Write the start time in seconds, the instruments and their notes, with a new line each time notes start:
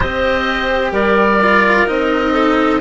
0.00 bassoon C4, cello G4, clarinet C5, oboe D#5
0.91 bassoon G3, clarinet A#4, oboe D5
1.41 cello F4
1.87 bassoon C4, cello D#4, oboe D#5
2.32 clarinet A4